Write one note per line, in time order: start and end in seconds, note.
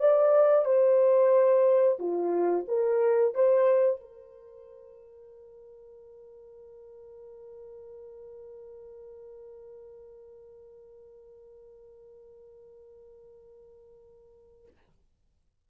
0.00 0.65 D5
0.65 1.98 C5
1.99 2.66 F4
2.68 3.35 A#4
3.35 4.01 C5
4.01 14.67 A#4